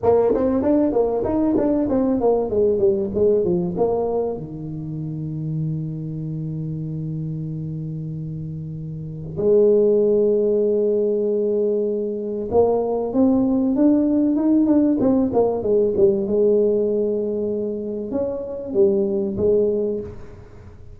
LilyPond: \new Staff \with { instrumentName = "tuba" } { \time 4/4 \tempo 4 = 96 ais8 c'8 d'8 ais8 dis'8 d'8 c'8 ais8 | gis8 g8 gis8 f8 ais4 dis4~ | dis1~ | dis2. gis4~ |
gis1 | ais4 c'4 d'4 dis'8 d'8 | c'8 ais8 gis8 g8 gis2~ | gis4 cis'4 g4 gis4 | }